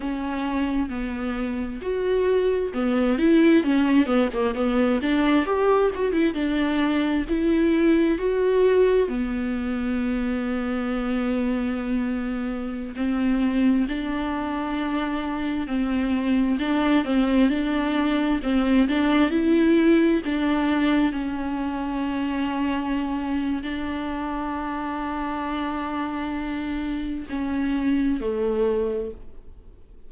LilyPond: \new Staff \with { instrumentName = "viola" } { \time 4/4 \tempo 4 = 66 cis'4 b4 fis'4 b8 e'8 | cis'8 b16 ais16 b8 d'8 g'8 fis'16 e'16 d'4 | e'4 fis'4 b2~ | b2~ b16 c'4 d'8.~ |
d'4~ d'16 c'4 d'8 c'8 d'8.~ | d'16 c'8 d'8 e'4 d'4 cis'8.~ | cis'2 d'2~ | d'2 cis'4 a4 | }